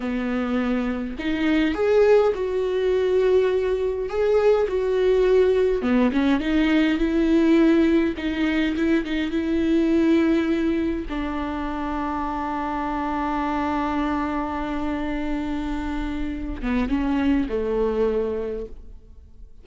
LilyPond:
\new Staff \with { instrumentName = "viola" } { \time 4/4 \tempo 4 = 103 b2 dis'4 gis'4 | fis'2. gis'4 | fis'2 b8 cis'8 dis'4 | e'2 dis'4 e'8 dis'8 |
e'2. d'4~ | d'1~ | d'1~ | d'8 b8 cis'4 a2 | }